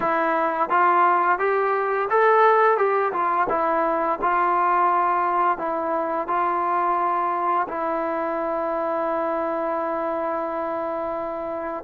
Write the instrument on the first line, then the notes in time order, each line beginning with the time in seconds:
trombone
0.00 E4
0.69 F4
1.39 G4
2.09 A4
2.77 G4
3.12 F4
3.49 E4
4.21 F4
5.58 E4
6.27 F4
7.67 E4